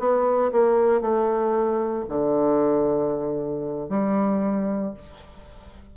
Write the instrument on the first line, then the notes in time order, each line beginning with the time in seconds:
bassoon
0.00 B3
0.52 A#3
1.02 A3
2.09 D3
3.90 G3